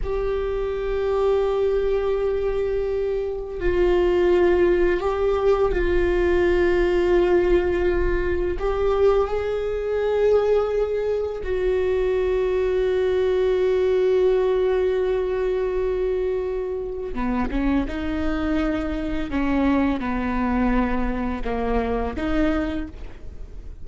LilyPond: \new Staff \with { instrumentName = "viola" } { \time 4/4 \tempo 4 = 84 g'1~ | g'4 f'2 g'4 | f'1 | g'4 gis'2. |
fis'1~ | fis'1 | b8 cis'8 dis'2 cis'4 | b2 ais4 dis'4 | }